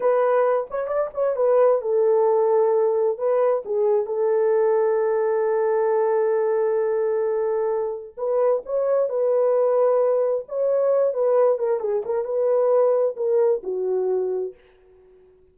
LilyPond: \new Staff \with { instrumentName = "horn" } { \time 4/4 \tempo 4 = 132 b'4. cis''8 d''8 cis''8 b'4 | a'2. b'4 | gis'4 a'2.~ | a'1~ |
a'2 b'4 cis''4 | b'2. cis''4~ | cis''8 b'4 ais'8 gis'8 ais'8 b'4~ | b'4 ais'4 fis'2 | }